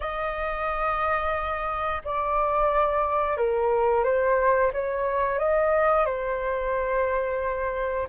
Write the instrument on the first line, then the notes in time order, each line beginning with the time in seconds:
flute
0.00 D#5
2.04 D5
3.37 A#4
4.04 C5
4.72 C#5
5.38 D#5
6.05 C5